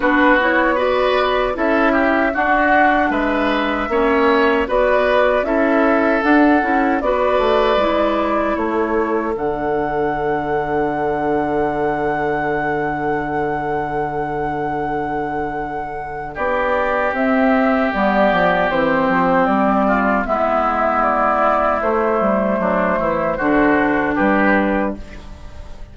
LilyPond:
<<
  \new Staff \with { instrumentName = "flute" } { \time 4/4 \tempo 4 = 77 b'8 cis''8 d''4 e''4 fis''4 | e''2 d''4 e''4 | fis''4 d''2 cis''4 | fis''1~ |
fis''1~ | fis''4 d''4 e''4 d''4 | c''4 d''4 e''4 d''4 | c''2. b'4 | }
  \new Staff \with { instrumentName = "oboe" } { \time 4/4 fis'4 b'4 a'8 g'8 fis'4 | b'4 cis''4 b'4 a'4~ | a'4 b'2 a'4~ | a'1~ |
a'1~ | a'4 g'2.~ | g'4. f'8 e'2~ | e'4 d'8 e'8 fis'4 g'4 | }
  \new Staff \with { instrumentName = "clarinet" } { \time 4/4 d'8 e'8 fis'4 e'4 d'4~ | d'4 cis'4 fis'4 e'4 | d'8 e'8 fis'4 e'2 | d'1~ |
d'1~ | d'2 c'4 b4 | c'2 b2 | a2 d'2 | }
  \new Staff \with { instrumentName = "bassoon" } { \time 4/4 b2 cis'4 d'4 | gis4 ais4 b4 cis'4 | d'8 cis'8 b8 a8 gis4 a4 | d1~ |
d1~ | d4 b4 c'4 g8 f8 | e8 f8 g4 gis2 | a8 g8 fis8 e8 d4 g4 | }
>>